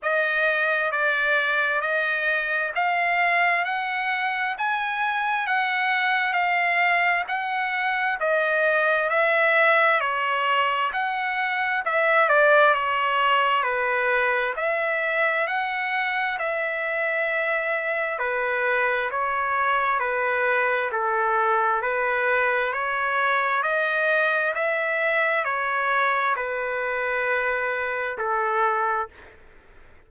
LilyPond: \new Staff \with { instrumentName = "trumpet" } { \time 4/4 \tempo 4 = 66 dis''4 d''4 dis''4 f''4 | fis''4 gis''4 fis''4 f''4 | fis''4 dis''4 e''4 cis''4 | fis''4 e''8 d''8 cis''4 b'4 |
e''4 fis''4 e''2 | b'4 cis''4 b'4 a'4 | b'4 cis''4 dis''4 e''4 | cis''4 b'2 a'4 | }